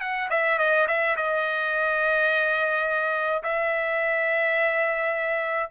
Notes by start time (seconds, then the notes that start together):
0.00 F#5
0.30 E5
0.58 D#5
0.87 E5
1.16 D#5
3.43 E5